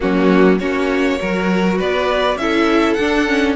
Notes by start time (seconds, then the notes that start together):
0.00 F#3 A#3 C#4 F#4
0.59 A#3 C#4 F#4 C#5
1.19 F#3 F#4 A#4
1.77 B3 B4 D5
2.35 C#4 E4 E5
2.41 A4
2.93 D4 F#5
3.27 C#4